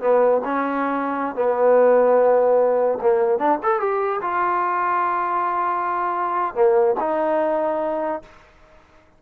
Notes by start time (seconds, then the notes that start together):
0.00 B3
0.44 C#4
1.35 B3
3.01 A#3
3.38 D4
3.63 A4
3.79 G4
4.21 F4
6.54 A#3
6.99 D#4